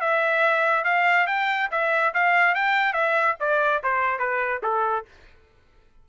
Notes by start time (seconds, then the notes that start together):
0.00 E5
0.84 F5
1.26 G5
1.71 E5
2.14 F5
2.54 G5
2.93 E5
3.40 D5
3.83 C5
4.19 B4
4.62 A4